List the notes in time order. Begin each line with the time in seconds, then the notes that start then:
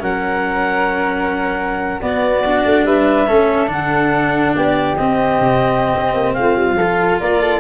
0.00 F#3 C#4 A#4 F#5
2.01 B3 F#4 D5
2.46 D4
2.65 A3
2.84 G3 B4 E5
3.27 A3 C#4 A4
3.67 D3 D4 F#5
4.54 B3 G4 D5
4.96 C4 D#5
5.40 C3
5.94 C4
6.14 A#3
6.33 A3 F4 F5
6.56 G3
6.73 F3 A4
6.81 F4
7.19 A#3 A#4 D5
7.41 A4